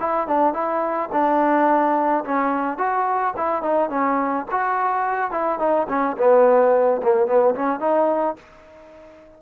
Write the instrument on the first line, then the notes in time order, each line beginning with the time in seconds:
trombone
0.00 E4
0.28 D4
0.54 E4
1.12 D4
2.25 C#4
2.78 F#4
3.37 E4
3.62 D#4
3.90 C#4
4.51 F#4
5.31 E4
5.59 D#4
5.89 C#4
6.18 B3
7.03 A#3
7.27 B3
7.55 C#4
7.80 D#4